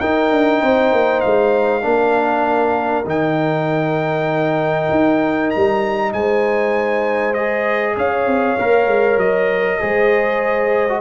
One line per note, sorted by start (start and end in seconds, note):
0.00 0.31 D#4
0.00 1.82 D#4
0.00 0.60 A#4
0.00 1.20 G5
0.31 0.61 D4
0.60 0.92 C4
0.60 1.82 C5
0.92 1.23 A#3
1.20 1.84 G#3
1.20 3.04 F5
1.82 3.05 A#3
1.82 3.04 D4
1.82 6.12 A#4
3.05 4.88 D#3
3.05 7.34 D#4
3.05 5.50 G5
4.91 5.52 D#4
5.50 6.12 G3
5.50 6.11 A#5
6.12 7.96 G#3
6.12 7.96 C5
6.12 7.33 G#5
7.33 8.58 G#4
7.33 7.95 D#5
7.96 8.26 C#4
7.96 9.80 C#5
7.96 9.19 F5
8.26 8.57 C4
8.59 8.86 A#3
8.59 9.80 A#4
8.86 9.17 G#3
9.17 9.78 F#3
9.17 11.00 D#5
9.80 11.00 G#3
9.80 10.87 G#4
9.80 11.00 C5
10.89 11.00 F#4